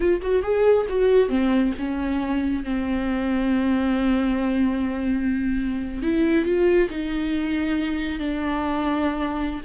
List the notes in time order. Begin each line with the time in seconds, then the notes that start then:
0.00 F4
0.21 F#4
0.42 G#4
0.89 F#4
1.28 C4
1.78 C#4
2.64 C4
6.02 E4
6.45 F4
6.90 D#4
8.19 D4